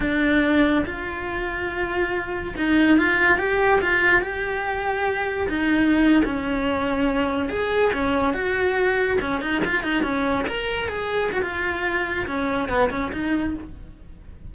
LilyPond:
\new Staff \with { instrumentName = "cello" } { \time 4/4 \tempo 4 = 142 d'2 f'2~ | f'2 dis'4 f'4 | g'4 f'4 g'2~ | g'4 dis'4.~ dis'16 cis'4~ cis'16~ |
cis'4.~ cis'16 gis'4 cis'4 fis'16~ | fis'4.~ fis'16 cis'8 dis'8 f'8 dis'8 cis'16~ | cis'8. ais'4 gis'4 fis'16 f'4~ | f'4 cis'4 b8 cis'8 dis'4 | }